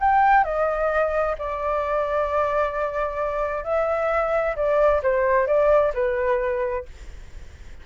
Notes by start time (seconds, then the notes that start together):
0.00 G5
0.44 D#5
1.38 D5
3.64 E5
4.56 D5
5.03 C5
5.47 D5
5.94 B4